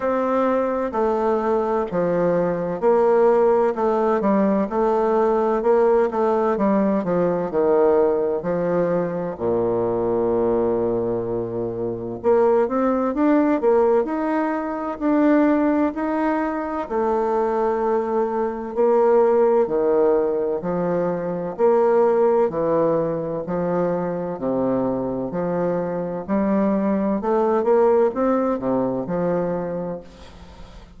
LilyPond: \new Staff \with { instrumentName = "bassoon" } { \time 4/4 \tempo 4 = 64 c'4 a4 f4 ais4 | a8 g8 a4 ais8 a8 g8 f8 | dis4 f4 ais,2~ | ais,4 ais8 c'8 d'8 ais8 dis'4 |
d'4 dis'4 a2 | ais4 dis4 f4 ais4 | e4 f4 c4 f4 | g4 a8 ais8 c'8 c8 f4 | }